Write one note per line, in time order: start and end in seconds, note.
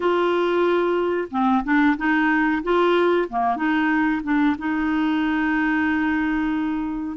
0.00 1.28 F4
1.30 1.63 C4
1.64 1.96 D4
1.97 2.62 D#4
2.63 3.28 F4
3.29 3.56 A#3
3.56 4.21 D#4
4.23 4.56 D4
4.58 7.17 D#4